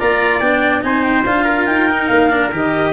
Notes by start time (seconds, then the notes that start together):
0.00 A#3 F4 D5 A#5
0.40 B3 D4 G5
0.82 C4 D#4 C5 G#5
1.03 G5
1.26 D4 F4 F5
1.45 A#4
1.66 D#4 G5
1.90 D#4
2.07 A#3 F5
2.31 D4
2.52 D#3 G4 D#5